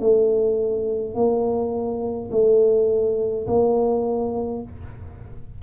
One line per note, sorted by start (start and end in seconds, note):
0.00 1.15 A3
1.15 2.30 A#3
2.31 3.47 A3
3.47 4.63 A#3